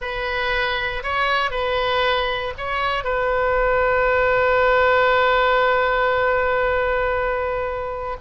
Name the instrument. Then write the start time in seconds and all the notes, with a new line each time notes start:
oboe
0.01 B4
1.03 C#5
1.51 B4
2.57 C#5
3.04 B4